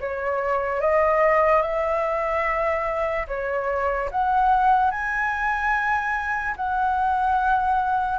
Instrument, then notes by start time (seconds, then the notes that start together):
flute
0.00 C#5
0.81 D#5
1.62 E5
3.27 C#5
4.11 F#5
4.91 G#5
6.56 F#5